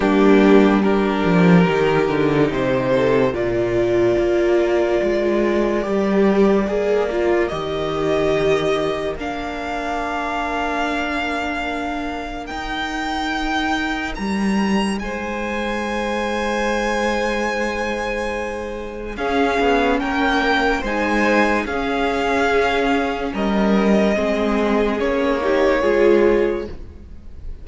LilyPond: <<
  \new Staff \with { instrumentName = "violin" } { \time 4/4 \tempo 4 = 72 g'4 ais'2 c''4 | d''1~ | d''4 dis''2 f''4~ | f''2. g''4~ |
g''4 ais''4 gis''2~ | gis''2. f''4 | g''4 gis''4 f''2 | dis''2 cis''2 | }
  \new Staff \with { instrumentName = "violin" } { \time 4/4 d'4 g'2~ g'8 a'8 | ais'1~ | ais'1~ | ais'1~ |
ais'2 c''2~ | c''2. gis'4 | ais'4 c''4 gis'2 | ais'4 gis'4. g'8 gis'4 | }
  \new Staff \with { instrumentName = "viola" } { \time 4/4 ais4 d'4 dis'2 | f'2. g'4 | gis'8 f'8 g'2 d'4~ | d'2. dis'4~ |
dis'1~ | dis'2. cis'4~ | cis'4 dis'4 cis'2~ | cis'4 c'4 cis'8 dis'8 f'4 | }
  \new Staff \with { instrumentName = "cello" } { \time 4/4 g4. f8 dis8 d8 c4 | ais,4 ais4 gis4 g4 | ais4 dis2 ais4~ | ais2. dis'4~ |
dis'4 g4 gis2~ | gis2. cis'8 b8 | ais4 gis4 cis'2 | g4 gis4 ais4 gis4 | }
>>